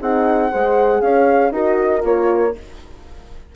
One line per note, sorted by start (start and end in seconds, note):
0.00 0.52 C4
0.00 0.51 D#4
0.00 0.51 G#4
0.00 1.01 F#5
0.51 1.01 G#3
0.51 1.53 G#4
0.51 1.02 C5
1.01 1.51 C#4
1.01 1.53 C#5
1.01 1.52 F5
1.51 2.02 D#4
1.51 2.01 F#4
1.51 2.55 A#4
1.51 2.03 D#5
2.01 2.54 A#3
2.01 2.52 F4
2.01 2.55 C#5